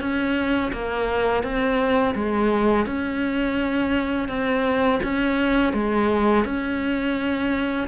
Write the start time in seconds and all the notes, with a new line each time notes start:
0.00 C#4
0.72 A#3
1.43 C4
2.14 G#3
2.85 C#4
4.28 C4
5.03 C#4
5.73 G#3
6.44 C#4